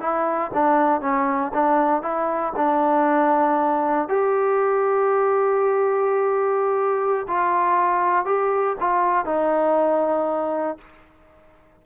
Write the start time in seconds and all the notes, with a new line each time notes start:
0.00 E4
0.54 D4
1.01 C#4
1.53 D4
2.02 E4
2.56 D4
4.08 G4
7.27 F4
8.25 G4
8.80 F4
9.25 D#4